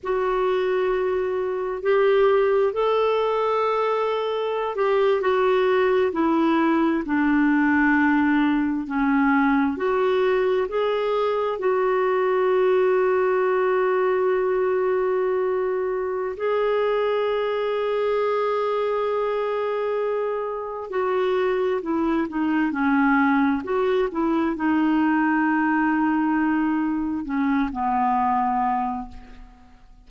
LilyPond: \new Staff \with { instrumentName = "clarinet" } { \time 4/4 \tempo 4 = 66 fis'2 g'4 a'4~ | a'4~ a'16 g'8 fis'4 e'4 d'16~ | d'4.~ d'16 cis'4 fis'4 gis'16~ | gis'8. fis'2.~ fis'16~ |
fis'2 gis'2~ | gis'2. fis'4 | e'8 dis'8 cis'4 fis'8 e'8 dis'4~ | dis'2 cis'8 b4. | }